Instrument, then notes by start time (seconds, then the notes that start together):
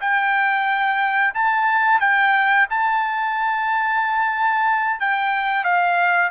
trumpet
0.00 G5
1.34 A5
2.00 G5
2.69 A5
5.00 G5
5.64 F5